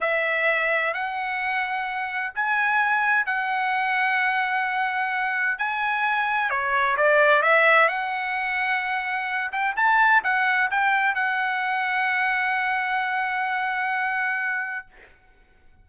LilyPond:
\new Staff \with { instrumentName = "trumpet" } { \time 4/4 \tempo 4 = 129 e''2 fis''2~ | fis''4 gis''2 fis''4~ | fis''1 | gis''2 cis''4 d''4 |
e''4 fis''2.~ | fis''8 g''8 a''4 fis''4 g''4 | fis''1~ | fis''1 | }